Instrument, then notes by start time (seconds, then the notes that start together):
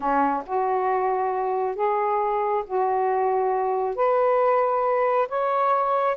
saxophone
0.00 C#4
0.46 F#4
1.75 G#4
2.66 F#4
3.95 B4
5.28 C#5